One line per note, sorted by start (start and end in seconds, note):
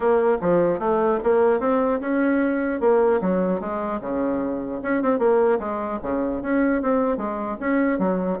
0.00 0.37 A#3
0.41 0.79 F3
0.79 1.19 A3
1.23 1.60 A#3
1.60 2.00 C4
2.00 2.80 C#4
2.80 3.20 A#3
3.21 3.60 F#3
3.60 4.00 G#3
4.00 4.80 C#3
4.82 5.02 C#4
5.02 5.18 C4
5.18 5.58 A#3
5.59 5.99 G#3
6.02 6.41 C#3
6.41 6.81 C#4
6.82 7.17 C4
7.17 7.57 G#3
7.60 7.98 C#4
7.98 8.38 F#3